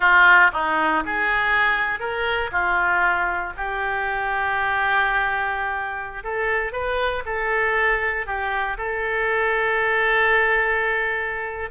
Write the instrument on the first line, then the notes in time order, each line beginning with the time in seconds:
oboe
0.00 F4
0.52 D#4
1.05 G#4
1.99 A#4
2.51 F4
3.56 G4
6.23 A4
6.72 B4
7.25 A4
8.26 G4
8.77 A4